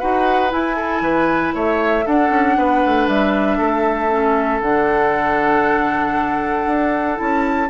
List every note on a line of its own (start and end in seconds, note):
0.00 0.53 D#4
0.00 0.50 F#4
0.00 0.77 B4
0.00 0.51 F#5
0.50 2.04 E4
0.50 1.01 E4
0.50 1.54 G#5
0.77 1.02 A4
1.01 1.53 E3
1.01 1.55 B4
1.55 2.06 A3
1.55 2.06 C#5
1.55 2.07 E5
2.06 2.30 D4
2.06 4.10 D4
2.06 2.57 A4
2.06 3.08 F#5
2.30 2.56 C#4
2.58 2.84 B3
2.58 3.58 B4
2.86 3.08 A3
3.08 3.59 G3
3.08 4.62 E5
3.58 4.62 A3
3.58 7.68 A4
4.10 4.61 C#4
4.62 6.67 D3
4.62 7.16 D4
4.62 7.18 F#5
6.67 7.18 D4
7.16 7.71 C#4
7.16 7.67 E4
7.16 7.70 A5